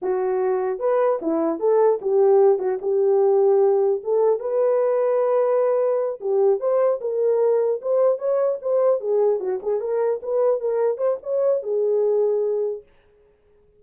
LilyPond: \new Staff \with { instrumentName = "horn" } { \time 4/4 \tempo 4 = 150 fis'2 b'4 e'4 | a'4 g'4. fis'8 g'4~ | g'2 a'4 b'4~ | b'2.~ b'8 g'8~ |
g'8 c''4 ais'2 c''8~ | c''8 cis''4 c''4 gis'4 fis'8 | gis'8 ais'4 b'4 ais'4 c''8 | cis''4 gis'2. | }